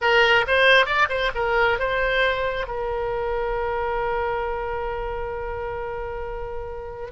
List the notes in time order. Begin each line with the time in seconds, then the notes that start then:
0.01 A#4
0.47 C5
0.85 D5
1.09 C5
1.34 A#4
1.79 C5
2.67 A#4